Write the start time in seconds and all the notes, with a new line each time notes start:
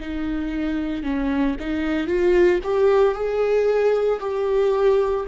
0.00 D#4
1.03 C#4
1.59 D#4
2.07 F4
2.64 G4
3.14 G#4
4.20 G4